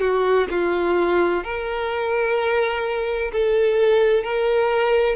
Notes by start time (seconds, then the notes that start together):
0.00 F#4
0.50 F4
1.43 A#4
3.32 A4
4.23 A#4